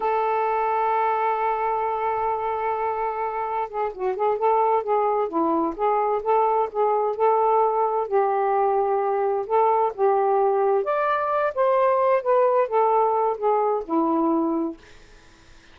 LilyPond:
\new Staff \with { instrumentName = "saxophone" } { \time 4/4 \tempo 4 = 130 a'1~ | a'1 | gis'8 fis'8 gis'8 a'4 gis'4 e'8~ | e'8 gis'4 a'4 gis'4 a'8~ |
a'4. g'2~ g'8~ | g'8 a'4 g'2 d''8~ | d''4 c''4. b'4 a'8~ | a'4 gis'4 e'2 | }